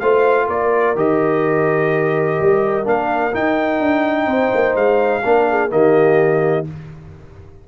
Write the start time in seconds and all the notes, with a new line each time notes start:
0.00 A3 F4 C5 F5
0.47 A#3 A#4 D5
0.96 D#3 G4 D#5
2.41 G3
2.85 A#3 D4 F5
3.32 D#4 G5
3.80 D4
4.27 C4 C5
4.54 A#3
4.76 G#3 F5
5.25 A#3 D4 A#4
5.51 G#4
5.70 D#3 A#3 G4 D#5